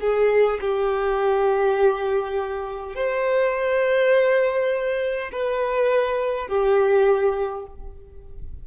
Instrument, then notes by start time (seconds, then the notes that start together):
violin
0.00 G#4
0.60 G4
2.95 C5
5.32 B4
6.48 G4